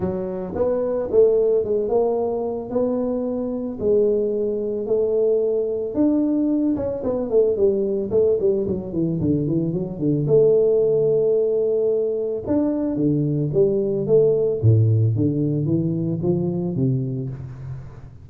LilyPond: \new Staff \with { instrumentName = "tuba" } { \time 4/4 \tempo 4 = 111 fis4 b4 a4 gis8 ais8~ | ais4 b2 gis4~ | gis4 a2 d'4~ | d'8 cis'8 b8 a8 g4 a8 g8 |
fis8 e8 d8 e8 fis8 d8 a4~ | a2. d'4 | d4 g4 a4 a,4 | d4 e4 f4 c4 | }